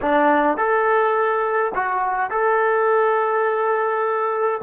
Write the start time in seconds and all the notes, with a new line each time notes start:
0.01 D4
0.57 A4
1.74 F#4
2.30 A4